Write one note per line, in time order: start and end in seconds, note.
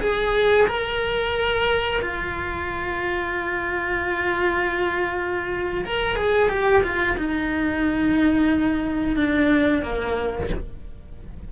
0.00 0.67 G#4
0.67 2.00 A#4
2.01 5.84 F4
5.85 6.15 A#4
6.15 6.48 G#4
6.48 6.82 G4
6.83 7.16 F4
7.17 9.15 D#4
9.15 9.82 D4
9.82 10.49 A#3